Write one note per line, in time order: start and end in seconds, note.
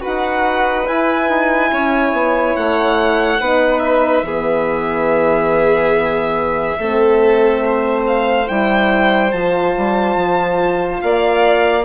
0.00 0.87 D#4
0.00 0.85 F#4
0.00 1.70 B4
0.00 0.87 F#5
0.86 3.39 E4
0.86 1.28 E4
0.86 2.55 G#5
1.28 1.70 D#4
1.72 2.12 C#4
1.72 3.40 C#5
2.12 2.54 B3
2.55 3.40 A3
2.55 3.79 F#5
3.40 4.22 B3
3.40 4.24 D#4
3.40 4.25 B4
3.79 8.01 E5
4.22 6.76 E3
4.22 6.79 B3
4.22 6.79 G#4
6.79 8.48 A3
6.79 8.46 C4
6.79 7.64 A4
7.65 11.03 C5
8.06 8.48 F5
8.46 9.33 G3
8.46 9.31 E4
8.46 9.31 G5
9.31 9.75 F3
9.31 11.84 F4
9.31 11.00 A5
9.77 10.16 G3
10.16 11.00 F3
11.01 11.84 A#3
11.01 11.84 D5
11.01 11.84 F5